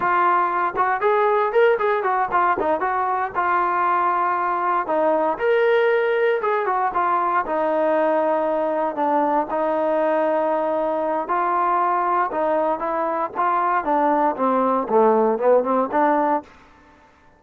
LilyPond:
\new Staff \with { instrumentName = "trombone" } { \time 4/4 \tempo 4 = 117 f'4. fis'8 gis'4 ais'8 gis'8 | fis'8 f'8 dis'8 fis'4 f'4.~ | f'4. dis'4 ais'4.~ | ais'8 gis'8 fis'8 f'4 dis'4.~ |
dis'4. d'4 dis'4.~ | dis'2 f'2 | dis'4 e'4 f'4 d'4 | c'4 a4 b8 c'8 d'4 | }